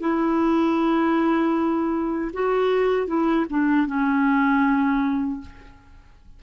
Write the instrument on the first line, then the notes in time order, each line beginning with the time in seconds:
clarinet
0.00 E4
2.33 F#4
3.07 E4
3.49 D4
3.86 C#4